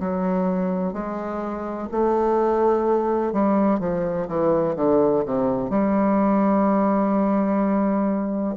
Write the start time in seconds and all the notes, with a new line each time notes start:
0.00 F#3
0.94 G#3
1.92 A3
3.33 G3
3.80 F3
4.28 E3
4.76 D3
5.26 C3
5.70 G3